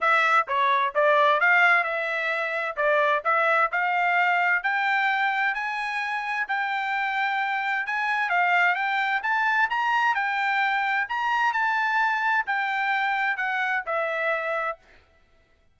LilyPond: \new Staff \with { instrumentName = "trumpet" } { \time 4/4 \tempo 4 = 130 e''4 cis''4 d''4 f''4 | e''2 d''4 e''4 | f''2 g''2 | gis''2 g''2~ |
g''4 gis''4 f''4 g''4 | a''4 ais''4 g''2 | ais''4 a''2 g''4~ | g''4 fis''4 e''2 | }